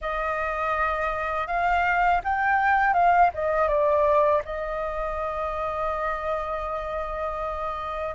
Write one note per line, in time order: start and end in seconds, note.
0.01 1.47 D#5
1.47 2.21 F5
2.24 2.93 G5
2.93 3.30 F5
3.34 3.68 D#5
3.68 4.42 D5
4.44 8.15 D#5